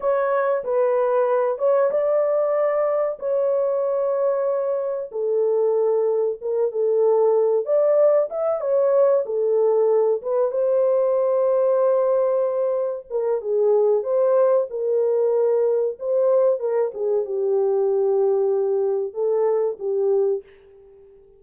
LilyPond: \new Staff \with { instrumentName = "horn" } { \time 4/4 \tempo 4 = 94 cis''4 b'4. cis''8 d''4~ | d''4 cis''2. | a'2 ais'8 a'4. | d''4 e''8 cis''4 a'4. |
b'8 c''2.~ c''8~ | c''8 ais'8 gis'4 c''4 ais'4~ | ais'4 c''4 ais'8 gis'8 g'4~ | g'2 a'4 g'4 | }